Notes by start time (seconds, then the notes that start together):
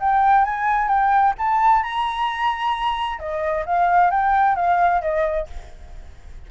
0.00 G5
0.45 G#5
0.88 G5
1.38 A5
1.83 A#5
3.19 D#5
3.66 F5
4.11 G5
4.56 F5
5.02 D#5